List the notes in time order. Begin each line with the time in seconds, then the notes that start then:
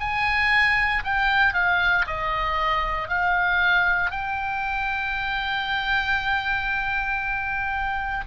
0.00 G#5
1.04 G5
1.54 F5
2.07 D#5
3.08 F5
4.11 G5